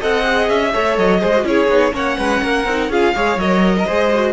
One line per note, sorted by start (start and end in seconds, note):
0.00 0.50 C4
0.00 0.23 A4
0.00 0.73 D#5
0.00 0.49 F#5
0.23 0.71 G#4
0.49 0.74 C#4
0.49 0.98 E5
0.74 0.98 A3
0.74 1.21 A4
0.74 1.21 C#5
0.98 1.22 F#3
0.98 1.46 D#5
1.21 1.44 G#3
1.21 1.33 G#4
1.21 1.45 C5
1.36 1.44 F#4
1.44 1.68 C#4
1.44 1.69 E4
1.44 1.94 G#4
1.44 1.95 C#5
1.69 1.93 B3
1.69 1.92 D#4
1.92 2.17 A#3
1.92 2.65 C#4
1.92 2.18 C#5
1.92 2.92 F#5
2.18 2.42 G#3
2.18 2.42 B4
2.42 2.65 A#3
2.42 2.90 A#4
2.65 2.89 C4
2.65 2.92 D#4
2.89 3.14 C#4
2.89 3.15 F4
2.89 3.15 G#4
2.89 3.40 F5
3.15 3.37 G#3
3.15 3.40 G#4
3.15 3.76 C#5
3.37 3.85 F#3
3.37 3.88 A#4
3.37 4.33 D#5
3.79 3.86 A#4
3.86 4.33 G#3
3.86 4.12 G#4
3.86 4.33 C5
4.15 4.33 F#4